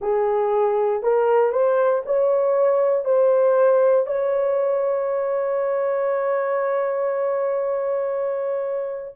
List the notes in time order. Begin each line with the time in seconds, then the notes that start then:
0.01 G#4
1.02 A#4
1.52 C5
2.05 C#5
3.05 C5
4.06 C#5